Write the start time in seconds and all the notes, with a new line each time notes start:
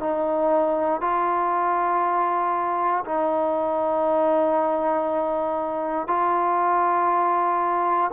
0.00 D#4
1.01 F4
3.05 D#4
6.07 F4